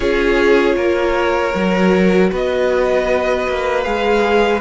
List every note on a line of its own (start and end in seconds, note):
0.00 0.76 C#4
0.00 1.53 F4
0.00 0.75 G#4
0.00 2.31 C#5
0.76 1.53 A#3
0.76 2.30 A#4
1.54 2.31 F#3
1.54 3.84 F#4
2.31 3.47 B3
2.31 4.61 B4
2.31 3.83 D#5
3.48 3.86 A#3
3.83 4.61 G#3
3.83 4.61 G#4
3.83 4.60 F5